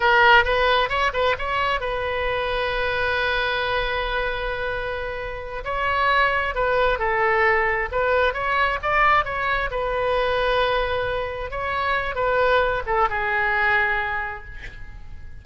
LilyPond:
\new Staff \with { instrumentName = "oboe" } { \time 4/4 \tempo 4 = 133 ais'4 b'4 cis''8 b'8 cis''4 | b'1~ | b'1~ | b'8 cis''2 b'4 a'8~ |
a'4. b'4 cis''4 d''8~ | d''8 cis''4 b'2~ b'8~ | b'4. cis''4. b'4~ | b'8 a'8 gis'2. | }